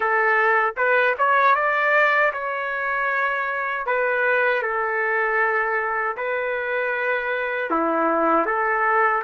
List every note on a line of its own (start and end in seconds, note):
0.00 0.74 A4
0.77 1.15 B4
1.18 1.55 C#5
1.55 2.32 D5
2.32 3.86 C#5
3.86 4.62 B4
4.62 6.16 A4
6.16 7.70 B4
7.70 8.45 E4
8.45 9.22 A4